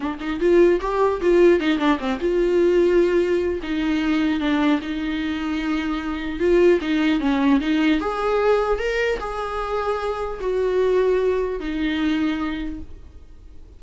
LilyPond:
\new Staff \with { instrumentName = "viola" } { \time 4/4 \tempo 4 = 150 d'8 dis'8 f'4 g'4 f'4 | dis'8 d'8 c'8 f'2~ f'8~ | f'4 dis'2 d'4 | dis'1 |
f'4 dis'4 cis'4 dis'4 | gis'2 ais'4 gis'4~ | gis'2 fis'2~ | fis'4 dis'2. | }